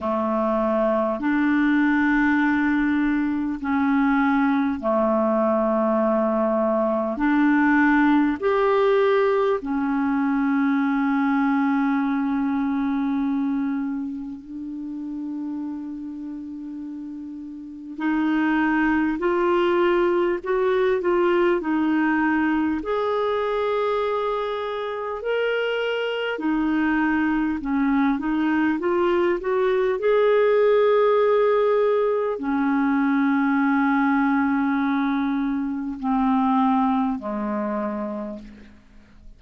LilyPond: \new Staff \with { instrumentName = "clarinet" } { \time 4/4 \tempo 4 = 50 a4 d'2 cis'4 | a2 d'4 g'4 | cis'1 | d'2. dis'4 |
f'4 fis'8 f'8 dis'4 gis'4~ | gis'4 ais'4 dis'4 cis'8 dis'8 | f'8 fis'8 gis'2 cis'4~ | cis'2 c'4 gis4 | }